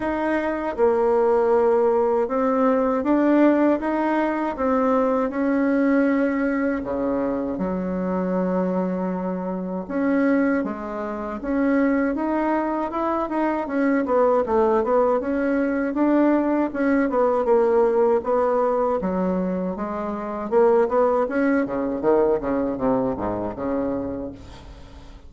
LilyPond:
\new Staff \with { instrumentName = "bassoon" } { \time 4/4 \tempo 4 = 79 dis'4 ais2 c'4 | d'4 dis'4 c'4 cis'4~ | cis'4 cis4 fis2~ | fis4 cis'4 gis4 cis'4 |
dis'4 e'8 dis'8 cis'8 b8 a8 b8 | cis'4 d'4 cis'8 b8 ais4 | b4 fis4 gis4 ais8 b8 | cis'8 cis8 dis8 cis8 c8 gis,8 cis4 | }